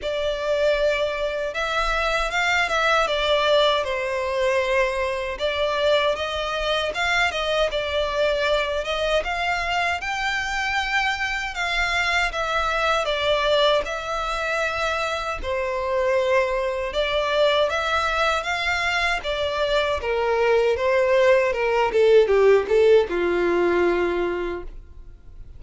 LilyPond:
\new Staff \with { instrumentName = "violin" } { \time 4/4 \tempo 4 = 78 d''2 e''4 f''8 e''8 | d''4 c''2 d''4 | dis''4 f''8 dis''8 d''4. dis''8 | f''4 g''2 f''4 |
e''4 d''4 e''2 | c''2 d''4 e''4 | f''4 d''4 ais'4 c''4 | ais'8 a'8 g'8 a'8 f'2 | }